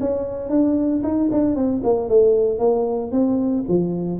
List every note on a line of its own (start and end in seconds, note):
0.00 0.50 C#4
0.50 1.02 D4
1.03 1.29 D#4
1.31 1.55 D4
1.55 1.82 C4
1.83 2.09 A#3
2.09 2.59 A3
2.59 3.11 A#3
3.11 3.64 C4
3.68 4.20 F3